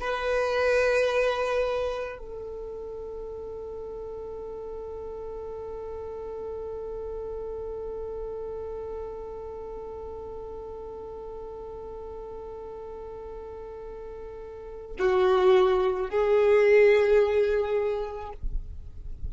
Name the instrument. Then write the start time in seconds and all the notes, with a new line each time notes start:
violin
0.00 B4
2.19 A4
14.99 F#4
16.10 G#4